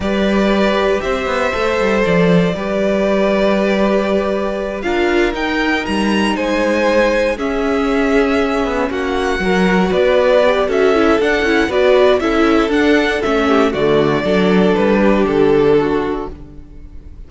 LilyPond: <<
  \new Staff \with { instrumentName = "violin" } { \time 4/4 \tempo 4 = 118 d''2 e''2 | d''1~ | d''4. f''4 g''4 ais''8~ | ais''8 gis''2 e''4.~ |
e''4. fis''2 d''8~ | d''4 e''4 fis''4 d''4 | e''4 fis''4 e''4 d''4~ | d''4 b'4 a'2 | }
  \new Staff \with { instrumentName = "violin" } { \time 4/4 b'2 c''2~ | c''4 b'2.~ | b'4. ais'2~ ais'8~ | ais'8 c''2 gis'4.~ |
gis'4. fis'4 ais'4 b'8~ | b'4 a'2 b'4 | a'2~ a'8 g'8 fis'4 | a'4. g'4. fis'4 | }
  \new Staff \with { instrumentName = "viola" } { \time 4/4 g'2. a'4~ | a'4 g'2.~ | g'4. f'4 dis'4.~ | dis'2~ dis'8 cis'4.~ |
cis'2~ cis'8 fis'4.~ | fis'8 g'8 fis'8 e'8 d'8 e'8 fis'4 | e'4 d'4 cis'4 a4 | d'1 | }
  \new Staff \with { instrumentName = "cello" } { \time 4/4 g2 c'8 b8 a8 g8 | f4 g2.~ | g4. d'4 dis'4 g8~ | g8 gis2 cis'4.~ |
cis'4 b8 ais4 fis4 b8~ | b4 cis'4 d'8 cis'8 b4 | cis'4 d'4 a4 d4 | fis4 g4 d2 | }
>>